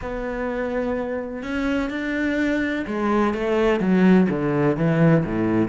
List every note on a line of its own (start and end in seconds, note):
0.01 1.43 B3
1.43 1.90 C#4
1.90 2.85 D4
2.86 3.33 G#3
3.33 3.80 A3
3.80 4.27 F#3
4.29 4.76 D3
4.76 5.24 E3
5.25 5.68 A2